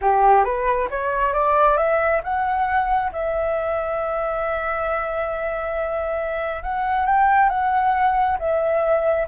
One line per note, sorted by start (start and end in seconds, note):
0.01 0.44 G4
0.44 0.88 B4
0.90 1.33 C#5
1.33 1.77 D5
1.77 2.21 E5
2.23 3.11 F#5
3.12 6.63 E5
6.63 7.05 F#5
7.05 7.49 G5
7.49 8.37 F#5
8.39 9.27 E5